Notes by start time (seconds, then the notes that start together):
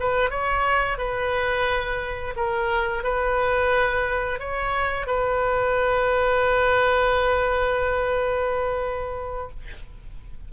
0.00 B4
0.30 C#5
0.98 B4
2.36 A#4
3.03 B4
4.39 C#5
5.07 B4